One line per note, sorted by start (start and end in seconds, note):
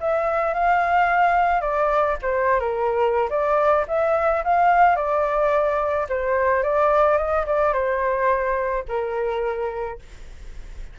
0.00 0.54 E5
0.54 1.61 F5
1.61 2.16 D5
2.22 2.60 C5
2.60 3.29 A#4
3.30 3.85 D5
3.88 4.43 E5
4.44 4.96 F5
4.96 6.07 D5
6.09 6.63 C5
6.63 7.17 D5
7.17 7.45 D#5
7.46 7.73 D5
7.73 8.84 C5
8.88 9.99 A#4